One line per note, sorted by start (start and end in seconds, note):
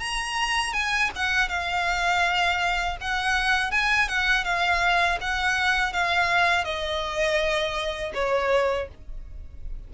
0.00 0.74 A#5
0.74 1.11 G#5
1.16 1.49 F#5
1.49 2.98 F5
3.01 3.72 F#5
3.72 4.09 G#5
4.09 4.45 F#5
4.45 5.19 F5
5.21 5.93 F#5
5.93 6.65 F5
6.65 8.13 D#5
8.14 8.89 C#5